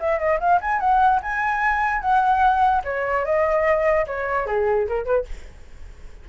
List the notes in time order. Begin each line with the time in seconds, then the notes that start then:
0.00 E5
0.19 D#5
0.40 F5
0.61 G#5
0.80 F#5
1.22 G#5
2.01 F#5
2.85 C#5
3.25 D#5
4.07 C#5
4.46 G#4
4.88 A#4
5.05 B4